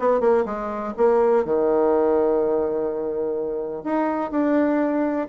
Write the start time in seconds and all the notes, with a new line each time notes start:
0.00 B3
0.21 A#3
0.46 G#3
0.97 A#3
1.46 D#3
3.84 D#4
4.32 D4